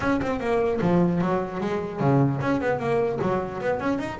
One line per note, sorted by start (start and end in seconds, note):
0.00 0.20 C#4
0.21 0.39 C4
0.39 0.79 A#3
0.81 1.21 F3
1.21 1.60 F#3
1.60 2.00 G#3
2.00 2.40 C#3
2.40 2.60 C#4
2.60 2.79 B3
2.79 3.19 A#3
3.21 3.61 F#3
3.61 3.79 B3
3.79 3.99 C#4
3.99 4.19 D#4